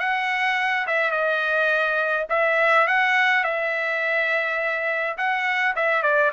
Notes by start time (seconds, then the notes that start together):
0.00 F#5
0.87 E5
1.11 D#5
2.30 E5
2.87 F#5
3.44 E5
5.18 F#5
5.76 E5
6.03 D5